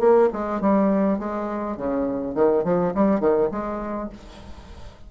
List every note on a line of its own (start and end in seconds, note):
0.00 0.29 A#3
0.33 0.61 G#3
0.61 1.19 G3
1.19 1.77 G#3
1.77 2.35 C#3
2.35 2.64 D#3
2.64 2.93 F3
2.95 3.20 G3
3.20 3.49 D#3
3.52 4.10 G#3